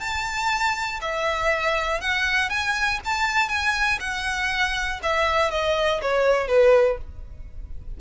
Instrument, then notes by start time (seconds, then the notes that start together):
violin
0.00 A5
1.01 E5
2.01 F#5
2.50 G#5
3.05 A5
3.49 G#5
4.00 F#5
5.03 E5
5.51 D#5
6.02 C#5
6.48 B4